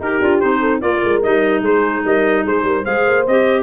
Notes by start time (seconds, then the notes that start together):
0.00 D#4 G4 A#4
0.22 D4 F4
0.40 C4 D#4 C5
0.60 A4
0.80 A#3 F4 A#4 D5
1.04 G#3
1.23 G3 D#4 D#5
1.62 G#3 G#4 C5
2.05 G3 A#4 D#5
2.46 G#3 G#4 C5
2.64 G3 A#4
2.84 G#3 G#4 C5 F5
3.07 A#3
3.27 C4 G4 D#5